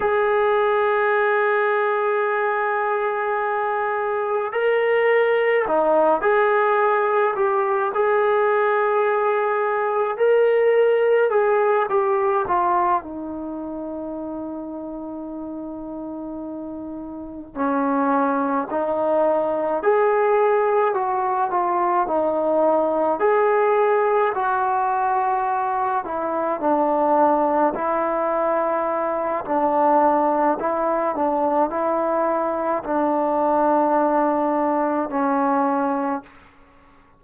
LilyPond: \new Staff \with { instrumentName = "trombone" } { \time 4/4 \tempo 4 = 53 gis'1 | ais'4 dis'8 gis'4 g'8 gis'4~ | gis'4 ais'4 gis'8 g'8 f'8 dis'8~ | dis'2.~ dis'8 cis'8~ |
cis'8 dis'4 gis'4 fis'8 f'8 dis'8~ | dis'8 gis'4 fis'4. e'8 d'8~ | d'8 e'4. d'4 e'8 d'8 | e'4 d'2 cis'4 | }